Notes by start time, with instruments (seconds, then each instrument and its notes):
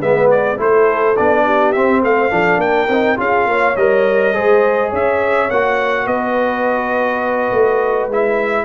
0.00 tuba G#3, trombone B3, horn B4, trumpet E5
0.31 trumpet D5
0.57 tuba A3, trombone E4, horn A4, trumpet C5
1.17 tuba B3, trombone D4, trumpet D5
1.45 horn G4
1.73 trombone C4, tuba C4, trumpet E5
2.03 tuba A3, horn C5, trumpet F5
2.30 tuba F3, trombone D4, horn A4
2.58 tuba A#3, horn A#4, trumpet G5
2.89 tuba C4, trombone D#4
3.17 tuba C#4, trombone F4, horn G#4, trumpet F5
3.46 tuba A#3, horn C#5
3.77 tuba G3, trombone A#4, trumpet D#5
4.34 tuba G#3, trombone G#4, horn C5
4.90 tuba C#4, horn C#5, trumpet E5
5.51 tuba A#3, trombone F#4, trumpet F#5
6.06 tuba B3, horn B4, trumpet D#5
7.52 tuba A3
8.08 tuba G#3, trombone E4, trumpet E5